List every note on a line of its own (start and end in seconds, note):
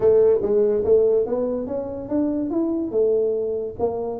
0.00 0.40 A3
0.42 0.84 G#3
0.84 1.25 A3
1.25 1.66 B3
1.66 2.08 C#4
2.08 2.50 D4
2.50 2.91 E4
2.91 3.75 A3
3.79 4.20 A#3